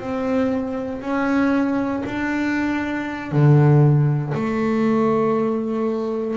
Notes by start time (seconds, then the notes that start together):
0.00 C4
1.02 C#4
2.06 D4
3.32 D3
4.34 A3